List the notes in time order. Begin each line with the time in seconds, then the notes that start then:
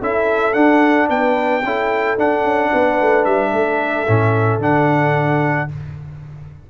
0.00 C#4 E4 A4 E5
0.54 D4 F#5
1.09 B3 B4 G5
1.64 C#4 E4 A4
2.18 D4 F#5
2.44 C#4
2.71 B3 B4
3.01 A3
3.25 G3 E5
3.52 A3 A4
4.08 A2 C#4
4.59 D3 D4 F#5